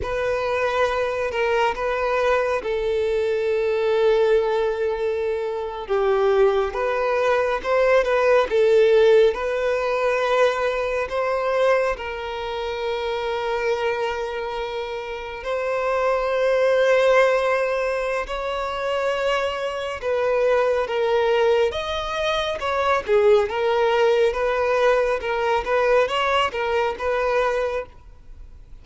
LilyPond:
\new Staff \with { instrumentName = "violin" } { \time 4/4 \tempo 4 = 69 b'4. ais'8 b'4 a'4~ | a'2~ a'8. g'4 b'16~ | b'8. c''8 b'8 a'4 b'4~ b'16~ | b'8. c''4 ais'2~ ais'16~ |
ais'4.~ ais'16 c''2~ c''16~ | c''4 cis''2 b'4 | ais'4 dis''4 cis''8 gis'8 ais'4 | b'4 ais'8 b'8 cis''8 ais'8 b'4 | }